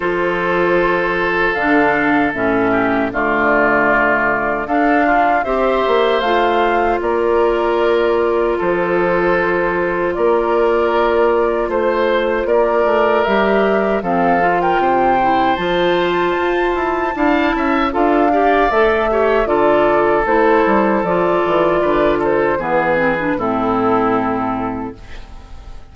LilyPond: <<
  \new Staff \with { instrumentName = "flute" } { \time 4/4 \tempo 4 = 77 c''2 f''4 e''4 | d''2 f''4 e''4 | f''4 d''2 c''4~ | c''4 d''2 c''4 |
d''4 e''4 f''8. g''4~ g''16 | a''2. f''4 | e''4 d''4 c''4 d''4~ | d''8 c''8 b'4 a'2 | }
  \new Staff \with { instrumentName = "oboe" } { \time 4/4 a'2.~ a'8 g'8 | f'2 a'8 f'8 c''4~ | c''4 ais'2 a'4~ | a'4 ais'2 c''4 |
ais'2 a'8. ais'16 c''4~ | c''2 f''8 e''8 a'8 d''8~ | d''8 cis''8 a'2. | b'8 a'8 gis'4 e'2 | }
  \new Staff \with { instrumentName = "clarinet" } { \time 4/4 f'2 d'4 cis'4 | a2 d'4 g'4 | f'1~ | f'1~ |
f'4 g'4 c'8 f'4 e'8 | f'2 e'4 f'8 g'8 | a'8 g'8 f'4 e'4 f'4~ | f'4 b8 c'16 d'16 c'2 | }
  \new Staff \with { instrumentName = "bassoon" } { \time 4/4 f2 d4 a,4 | d2 d'4 c'8 ais8 | a4 ais2 f4~ | f4 ais2 a4 |
ais8 a8 g4 f4 c4 | f4 f'8 e'8 d'8 cis'8 d'4 | a4 d4 a8 g8 f8 e8 | d4 e4 a,2 | }
>>